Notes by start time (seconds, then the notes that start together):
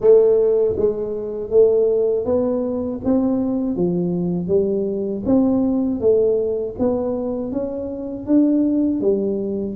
0.00 A3
0.76 G#3
1.50 A3
2.25 B3
3.04 C4
3.76 F3
4.47 G3
5.25 C4
6.00 A3
6.78 B3
7.51 C#4
8.26 D4
9.00 G3